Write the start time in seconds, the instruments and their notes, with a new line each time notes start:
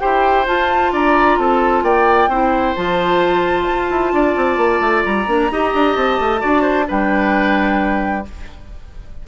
0.00 bassoon E4, clarinet G4, oboe C5, flute G5
0.47 clarinet F4, bassoon F4, flute A5
0.93 bassoon D4, oboe D5, flute A#5
1.38 bassoon C4, oboe A4, flute A5
1.83 bassoon A#3, oboe D5, flute G5
2.28 bassoon C4, clarinet E4, oboe C5
2.76 bassoon F3, clarinet F4, flute A5
3.70 bassoon F4
3.90 bassoon E4
4.13 bassoon D4, oboe D5
4.37 bassoon C4
4.57 bassoon A#3
4.81 bassoon A3
5.05 bassoon G3, flute A#5
5.27 bassoon A#3, clarinet D4
5.51 bassoon D#4, clarinet G4, oboe D#5
5.74 bassoon D4
5.97 bassoon C4, flute A5
6.20 bassoon A3
6.39 bassoon D4, clarinet F#4, oboe D5
6.62 oboe C5
6.86 bassoon G3, clarinet D4, oboe B4, flute G5